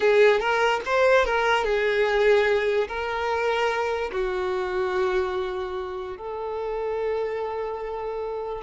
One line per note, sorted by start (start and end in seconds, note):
0.00 0.39 G#4
0.39 0.81 A#4
0.85 1.25 C5
1.25 1.64 A#4
1.64 2.87 G#4
2.88 4.11 A#4
4.12 6.17 F#4
6.17 8.62 A4